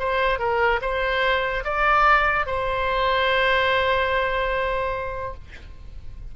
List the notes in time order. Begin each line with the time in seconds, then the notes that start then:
0.00 C5
0.40 A#4
0.82 C5
1.65 D5
2.47 C5